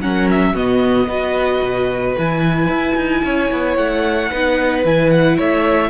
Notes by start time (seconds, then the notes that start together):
0.00 F#3 C#4 A#4 F#5
0.31 E5
0.54 B2 B3 F#4 D#5
1.07 B3 F#4 B4
1.62 B2
2.18 E3 E4 G#5
2.68 E4
2.96 D#4
3.24 C#4 C#5
3.51 B3
3.76 A3 F#5
4.31 B3 D#4 B4
4.84 E3 E4 G#5
5.10 F#5
5.37 A3 C#5 E5